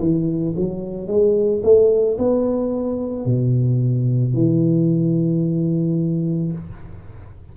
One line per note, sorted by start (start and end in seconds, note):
0.00 0.55 E3
0.57 1.08 F#3
1.08 1.62 G#3
1.63 2.18 A3
2.19 3.26 B3
3.26 4.34 B2
4.34 6.52 E3